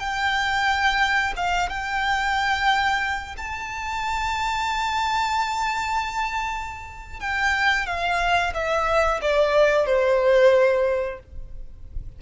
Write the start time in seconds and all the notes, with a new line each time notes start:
0.00 G5
1.37 F5
1.69 G5
3.38 A5
7.20 G5
7.87 F5
8.54 E5
9.22 D5
9.86 C5